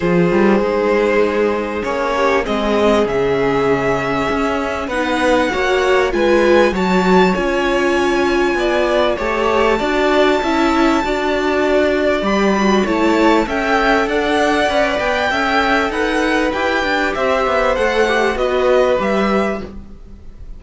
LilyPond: <<
  \new Staff \with { instrumentName = "violin" } { \time 4/4 \tempo 4 = 98 c''2. cis''4 | dis''4 e''2. | fis''2 gis''4 a''4 | gis''2. a''4~ |
a''1 | b''4 a''4 g''4 fis''4~ | fis''8 g''4. fis''4 g''4 | e''4 fis''4 dis''4 e''4 | }
  \new Staff \with { instrumentName = "violin" } { \time 4/4 gis'2.~ gis'8 g'8 | gis'1 | b'4 cis''4 b'4 cis''4~ | cis''2 d''4 cis''4 |
d''4 e''4 d''2~ | d''4 cis''4 e''4 d''4~ | d''4 e''4 b'2 | c''2 b'2 | }
  \new Staff \with { instrumentName = "viola" } { \time 4/4 f'4 dis'2 cis'4 | c'4 cis'2. | dis'4 fis'4 f'4 fis'4 | f'2. g'4 |
fis'4 e'4 fis'2 | g'8 fis'8 e'4 a'2 | b'4 a'2 g'4~ | g'4 a'8 g'8 fis'4 g'4 | }
  \new Staff \with { instrumentName = "cello" } { \time 4/4 f8 g8 gis2 ais4 | gis4 cis2 cis'4 | b4 ais4 gis4 fis4 | cis'2 b4 a4 |
d'4 cis'4 d'2 | g4 a4 cis'4 d'4 | cis'8 b8 cis'4 dis'4 e'8 d'8 | c'8 b8 a4 b4 g4 | }
>>